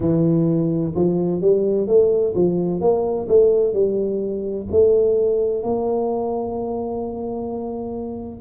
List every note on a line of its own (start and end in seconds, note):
0.00 0.94 E3
0.95 1.41 F3
1.41 1.87 G3
1.87 2.34 A3
2.35 2.80 F3
2.80 3.27 A#3
3.28 3.73 A3
3.73 4.66 G3
4.71 5.62 A3
5.62 8.41 A#3